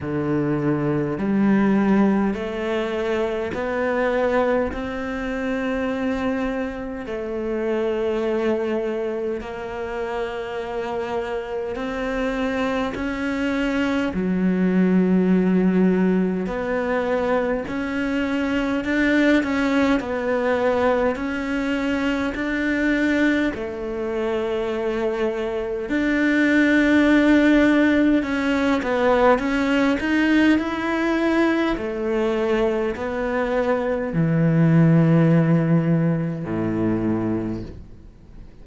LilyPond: \new Staff \with { instrumentName = "cello" } { \time 4/4 \tempo 4 = 51 d4 g4 a4 b4 | c'2 a2 | ais2 c'4 cis'4 | fis2 b4 cis'4 |
d'8 cis'8 b4 cis'4 d'4 | a2 d'2 | cis'8 b8 cis'8 dis'8 e'4 a4 | b4 e2 a,4 | }